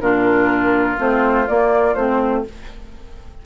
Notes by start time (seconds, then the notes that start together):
0.00 A#2 D4 F4 A#4
0.97 A3 C4 C5
1.47 A#3 D5
1.94 A3 C4 C5